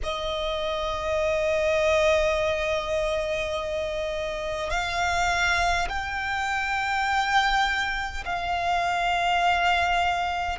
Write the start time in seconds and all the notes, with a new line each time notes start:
0.03 D#5
4.70 F5
5.88 G5
8.25 F5